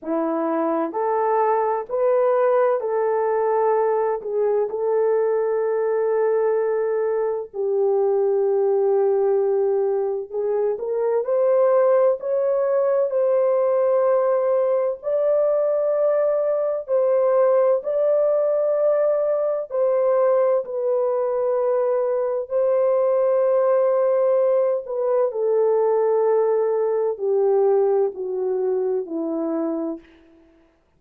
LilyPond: \new Staff \with { instrumentName = "horn" } { \time 4/4 \tempo 4 = 64 e'4 a'4 b'4 a'4~ | a'8 gis'8 a'2. | g'2. gis'8 ais'8 | c''4 cis''4 c''2 |
d''2 c''4 d''4~ | d''4 c''4 b'2 | c''2~ c''8 b'8 a'4~ | a'4 g'4 fis'4 e'4 | }